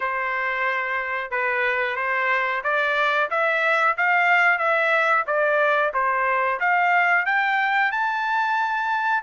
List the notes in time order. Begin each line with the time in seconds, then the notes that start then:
0.00 C5
1.30 B4
1.95 C5
2.63 D5
3.30 E5
3.97 F5
4.58 E5
5.26 D5
5.93 C5
6.59 F5
7.25 G5
7.91 A5